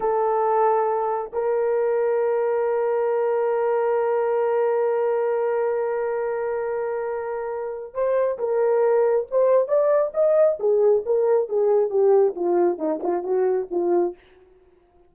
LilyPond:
\new Staff \with { instrumentName = "horn" } { \time 4/4 \tempo 4 = 136 a'2. ais'4~ | ais'1~ | ais'1~ | ais'1~ |
ais'2 c''4 ais'4~ | ais'4 c''4 d''4 dis''4 | gis'4 ais'4 gis'4 g'4 | f'4 dis'8 f'8 fis'4 f'4 | }